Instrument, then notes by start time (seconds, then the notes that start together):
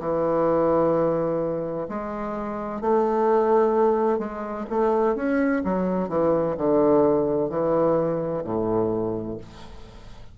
bassoon
0.00 E3
1.89 G#3
2.81 A3
4.19 G#3
4.70 A3
5.16 C#4
5.64 F#3
6.09 E3
6.58 D3
7.50 E3
8.44 A2